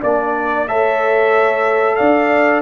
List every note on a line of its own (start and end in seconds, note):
0.00 0.68 A#3
0.00 0.68 D4
0.00 0.65 D5
0.00 0.68 D5
0.68 1.98 A3
0.68 2.62 A4
0.68 1.96 C#5
0.68 1.95 E5
1.95 2.62 D4
1.95 2.62 D5
1.95 2.61 F5